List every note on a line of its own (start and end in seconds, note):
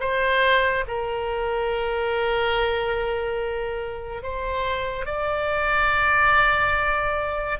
0.00 0.85 C5
0.88 4.23 A#4
4.23 5.06 C5
5.06 7.59 D5